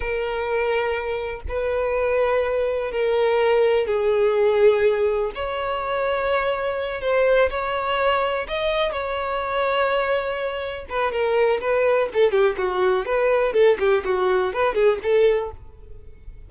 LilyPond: \new Staff \with { instrumentName = "violin" } { \time 4/4 \tempo 4 = 124 ais'2. b'4~ | b'2 ais'2 | gis'2. cis''4~ | cis''2~ cis''8 c''4 cis''8~ |
cis''4. dis''4 cis''4.~ | cis''2~ cis''8 b'8 ais'4 | b'4 a'8 g'8 fis'4 b'4 | a'8 g'8 fis'4 b'8 gis'8 a'4 | }